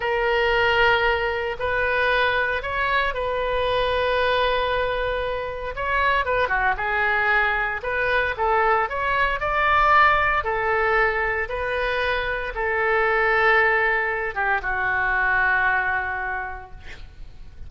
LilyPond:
\new Staff \with { instrumentName = "oboe" } { \time 4/4 \tempo 4 = 115 ais'2. b'4~ | b'4 cis''4 b'2~ | b'2. cis''4 | b'8 fis'8 gis'2 b'4 |
a'4 cis''4 d''2 | a'2 b'2 | a'2.~ a'8 g'8 | fis'1 | }